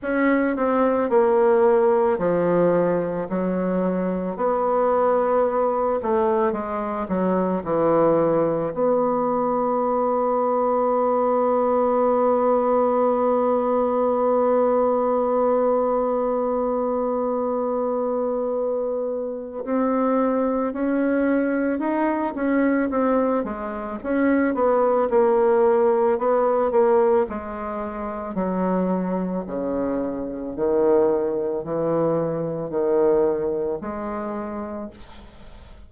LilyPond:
\new Staff \with { instrumentName = "bassoon" } { \time 4/4 \tempo 4 = 55 cis'8 c'8 ais4 f4 fis4 | b4. a8 gis8 fis8 e4 | b1~ | b1~ |
b2 c'4 cis'4 | dis'8 cis'8 c'8 gis8 cis'8 b8 ais4 | b8 ais8 gis4 fis4 cis4 | dis4 e4 dis4 gis4 | }